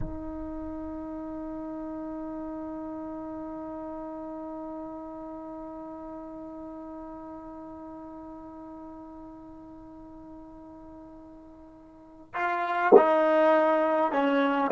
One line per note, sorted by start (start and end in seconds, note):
0.00 12.34 D#4
12.34 12.93 F4
12.95 14.12 D#4
14.12 14.71 C#4